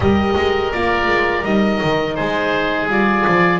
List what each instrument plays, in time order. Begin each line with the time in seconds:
0.00 double bass G3, horn G4, oboe A#4 D#5
0.36 double bass G#3
0.72 double bass A#3, horn F4, oboe D5
1.07 double bass G#3
1.44 double bass G3, horn D#4, oboe D#5
1.83 double bass D#3
2.15 double bass G#3, oboe G#4 C5
2.88 double bass G3, horn F4, oboe D5
3.27 double bass F3